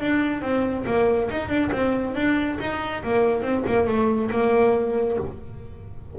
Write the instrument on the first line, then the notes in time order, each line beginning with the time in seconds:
double bass
0.00 D4
0.41 C4
0.86 A#3
1.30 D#4
1.49 D4
1.72 C4
2.15 D4
2.60 D#4
3.03 A#3
3.42 C4
3.67 A#3
3.87 A3
4.30 A#3